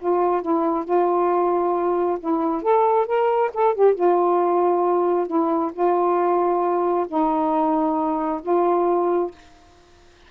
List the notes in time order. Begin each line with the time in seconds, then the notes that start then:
0.00 F4
0.42 E4
0.85 F4
2.20 E4
2.63 A4
3.07 A#4
3.54 A4
3.75 G4
3.95 F4
5.28 E4
5.74 F4
7.08 D#4
8.42 F4